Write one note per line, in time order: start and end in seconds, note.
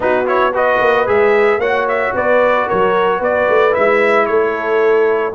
0.00 0.80 B3
0.00 0.24 D#4
0.00 0.53 F#4
0.00 0.27 B4
0.25 0.52 E4
0.25 0.54 C#5
0.53 1.06 F#4
0.53 1.59 B4
0.53 1.08 D#5
0.81 1.07 A#3
1.06 1.58 G#3
1.06 1.60 G#4
1.06 1.60 E5
1.58 2.11 A#3
1.58 3.71 F#4
1.58 2.13 C#5
1.58 1.87 F#5
1.88 2.15 E5
2.14 2.67 B3
2.14 2.66 B4
2.14 2.69 D5
2.66 3.20 F#3
2.66 3.17 A#4
2.66 3.22 C#5
3.17 3.47 B3
3.17 4.25 B4
3.17 3.74 D5
3.49 3.75 A3
3.71 4.29 G#3
3.71 5.31 E4
3.71 4.26 E5
4.26 5.34 A3
4.26 5.34 A4
4.26 5.33 C#5